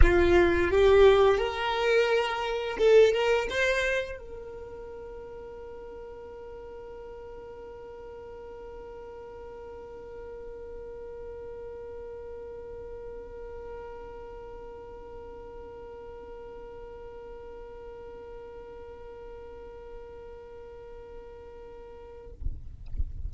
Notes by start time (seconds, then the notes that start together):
0.02 F4
0.70 G4
1.37 A#4
2.78 A4
3.12 A#4
3.49 C5
4.18 A#4